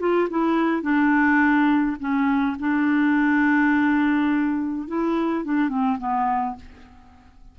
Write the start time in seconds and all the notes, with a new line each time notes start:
0.00 F4
0.30 E4
0.82 D4
2.00 C#4
2.60 D4
4.88 E4
5.45 D4
5.69 C4
5.99 B3